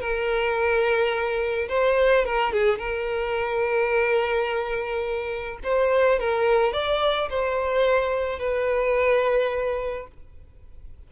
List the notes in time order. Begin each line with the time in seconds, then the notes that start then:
0.00 A#4
1.68 C5
2.25 A#4
2.52 G#4
2.78 A#4
5.63 C5
6.19 A#4
6.73 D5
7.30 C5
8.39 B4